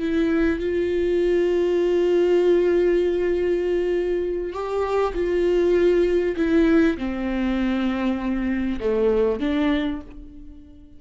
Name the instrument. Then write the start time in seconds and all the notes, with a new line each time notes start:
viola
0.00 E4
0.60 F4
4.53 G4
5.15 F4
6.37 E4
6.98 C4
8.80 A3
9.40 D4